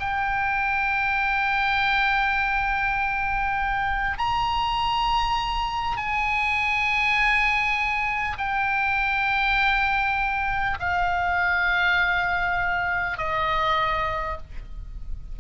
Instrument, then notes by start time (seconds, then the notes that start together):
oboe
0.00 G5
4.18 A#5
5.97 G#5
8.38 G5
10.80 F5
13.18 D#5